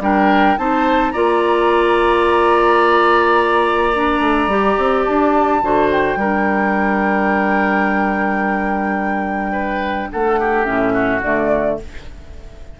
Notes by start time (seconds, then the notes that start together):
0.00 G3 D4 A#4 G5
0.58 C4 D#4 C5 A5
1.11 A#3 F4 D5 A#5
3.94 D4
4.20 A3
4.47 G3 G4
4.78 C4
5.04 D4 A5
5.62 D3 F#4 C5
5.91 G5
6.16 G3 D4 A#4
9.52 B4
10.12 A3 A4 F#5
10.39 G4
10.64 A2 C#4 E5
10.93 F#4
11.22 D3 A3 D5